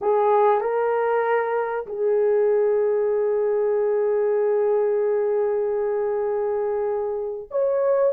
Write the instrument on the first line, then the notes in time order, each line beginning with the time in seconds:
horn
0.01 G#4
0.61 A#4
1.86 G#4
7.50 C#5